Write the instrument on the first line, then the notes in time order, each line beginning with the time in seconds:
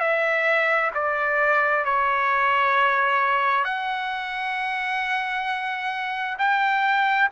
trumpet
0.00 E5
0.95 D5
1.85 C#5
3.64 F#5
6.38 G5